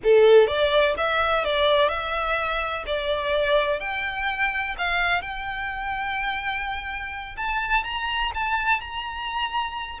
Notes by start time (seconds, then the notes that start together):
0.03 A4
0.47 D5
0.97 E5
1.44 D5
1.89 E5
2.86 D5
3.80 G5
4.77 F5
5.21 G5
7.37 A5
7.84 A#5
8.34 A5
8.80 A#5